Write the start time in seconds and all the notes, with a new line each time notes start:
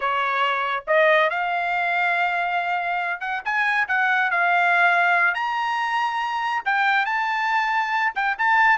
0.00 C#5
0.87 D#5
1.30 F5
3.20 F#5
3.44 G#5
3.87 F#5
4.31 F5
5.34 A#5
6.65 G5
7.05 A5
8.15 G5
8.38 A5